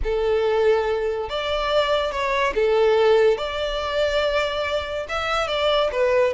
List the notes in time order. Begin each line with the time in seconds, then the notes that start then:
0.03 A4
1.29 D5
2.11 C#5
2.54 A4
3.37 D5
5.08 E5
5.47 D5
5.92 B4